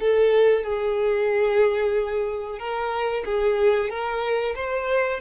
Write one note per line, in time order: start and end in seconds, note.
0.00 0.64 A4
0.64 2.59 G#4
2.59 3.24 A#4
3.25 3.90 G#4
3.90 4.55 A#4
4.56 5.21 C5